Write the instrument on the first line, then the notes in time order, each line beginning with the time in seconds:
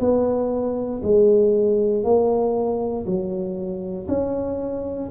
tuba
0.00 B3
1.03 G#3
2.04 A#3
3.06 F#3
4.08 C#4